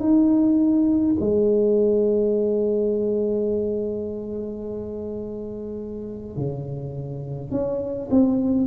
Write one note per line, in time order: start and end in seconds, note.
0.00 1.15 D#4
1.21 6.37 G#3
6.37 7.52 C#3
7.52 8.09 C#4
8.11 8.67 C4